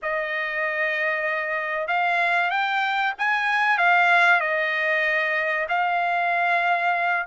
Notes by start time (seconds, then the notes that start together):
0.02 D#5
1.87 F5
2.50 G5
3.18 G#5
3.78 F5
4.40 D#5
5.68 F5